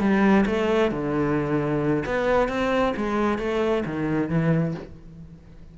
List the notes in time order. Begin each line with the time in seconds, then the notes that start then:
0.00 G3
0.46 A3
0.91 D3
2.06 B3
2.49 C4
2.97 G#3
3.39 A3
3.86 D#3
4.29 E3